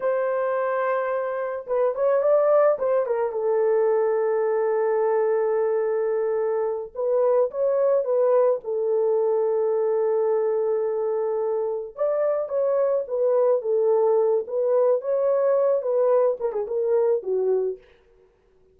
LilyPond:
\new Staff \with { instrumentName = "horn" } { \time 4/4 \tempo 4 = 108 c''2. b'8 cis''8 | d''4 c''8 ais'8 a'2~ | a'1~ | a'8 b'4 cis''4 b'4 a'8~ |
a'1~ | a'4. d''4 cis''4 b'8~ | b'8 a'4. b'4 cis''4~ | cis''8 b'4 ais'16 gis'16 ais'4 fis'4 | }